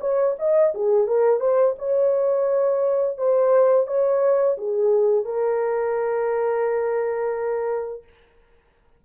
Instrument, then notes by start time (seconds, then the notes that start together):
horn
0.00 C#5
0.38 D#5
0.74 G#4
1.07 A#4
1.40 C5
1.78 C#5
3.17 C5
3.87 C#5
4.57 G#4
5.24 A#4